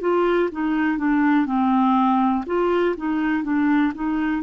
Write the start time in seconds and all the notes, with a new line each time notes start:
0.00 F4
0.51 D#4
0.98 D4
1.46 C4
2.46 F4
2.97 D#4
3.43 D4
3.94 D#4